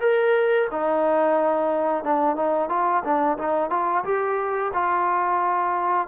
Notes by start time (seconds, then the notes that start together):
0.00 A#4
0.71 D#4
2.04 D4
2.36 D#4
2.69 F4
3.04 D4
3.38 D#4
3.70 F4
4.04 G4
4.73 F4